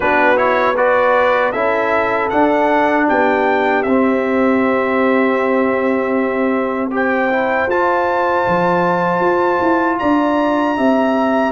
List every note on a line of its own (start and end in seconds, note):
0.00 1.53 B3
0.00 0.36 D4
0.00 0.75 F#4
0.00 0.37 B4
0.36 0.74 E4
0.36 0.75 C#5
0.75 1.53 F#4
0.75 1.52 B4
0.75 1.52 D5
1.52 2.31 C#4
1.52 2.30 E4
1.52 3.05 A4
1.52 2.29 E5
2.29 3.85 D4
2.29 3.08 D4
2.29 3.06 F#5
3.08 3.85 B3
3.08 6.92 G4
3.08 3.82 G5
3.82 7.67 C4
3.82 6.90 C4
3.82 6.90 E5
6.90 7.29 G4
6.90 10.00 C5
6.90 7.70 G5
7.30 7.69 E4
7.67 8.44 F4
7.67 10.76 F4
7.67 9.98 A5
8.47 9.20 F3
9.20 9.58 F4
9.61 9.99 E4
9.98 10.77 D4
9.98 10.76 D5
9.98 11.51 A#5
10.76 11.51 C4
10.76 11.51 G4
10.76 11.51 E5